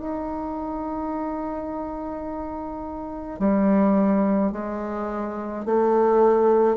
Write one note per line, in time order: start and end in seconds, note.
0.00 3.40 D#4
3.40 4.52 G3
4.52 5.66 G#3
5.66 6.77 A3